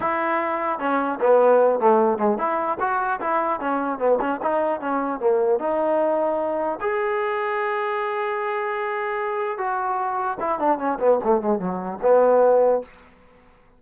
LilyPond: \new Staff \with { instrumentName = "trombone" } { \time 4/4 \tempo 4 = 150 e'2 cis'4 b4~ | b8 a4 gis8 e'4 fis'4 | e'4 cis'4 b8 cis'8 dis'4 | cis'4 ais4 dis'2~ |
dis'4 gis'2.~ | gis'1 | fis'2 e'8 d'8 cis'8 b8 | a8 gis8 fis4 b2 | }